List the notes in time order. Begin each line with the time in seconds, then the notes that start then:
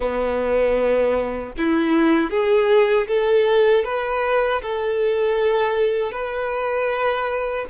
0.00 B3
1.57 E4
2.30 G#4
3.07 A4
3.84 B4
4.62 A4
6.12 B4